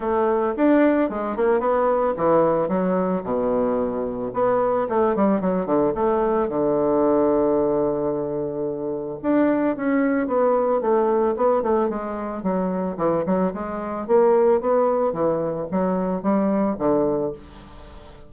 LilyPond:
\new Staff \with { instrumentName = "bassoon" } { \time 4/4 \tempo 4 = 111 a4 d'4 gis8 ais8 b4 | e4 fis4 b,2 | b4 a8 g8 fis8 d8 a4 | d1~ |
d4 d'4 cis'4 b4 | a4 b8 a8 gis4 fis4 | e8 fis8 gis4 ais4 b4 | e4 fis4 g4 d4 | }